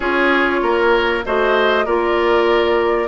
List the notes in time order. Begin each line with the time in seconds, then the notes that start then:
0.00 C#4 F4 G#4 C#5
0.62 A#3 A#4
1.25 A3 F#4 C5 D#5
1.85 A#3 F4 A#4 D5